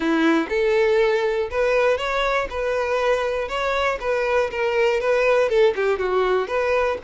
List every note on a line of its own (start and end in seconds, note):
0.00 0.47 E4
0.49 1.49 A4
1.50 1.97 B4
1.97 2.48 C#5
2.50 3.48 B4
3.48 3.98 C#5
4.00 4.50 B4
4.50 5.00 A#4
5.00 5.49 B4
5.49 5.74 A4
5.75 5.99 G4
5.99 6.47 F#4
6.47 6.97 B4